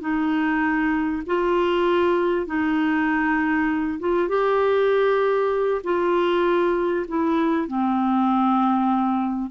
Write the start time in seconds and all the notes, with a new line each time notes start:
0.00 D#4
1.26 F4
2.46 D#4
3.99 F4
4.28 G4
5.83 F4
7.08 E4
7.67 C4